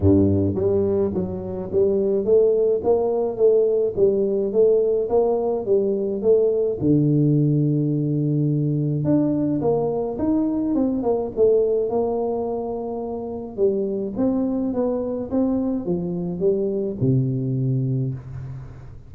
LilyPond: \new Staff \with { instrumentName = "tuba" } { \time 4/4 \tempo 4 = 106 g,4 g4 fis4 g4 | a4 ais4 a4 g4 | a4 ais4 g4 a4 | d1 |
d'4 ais4 dis'4 c'8 ais8 | a4 ais2. | g4 c'4 b4 c'4 | f4 g4 c2 | }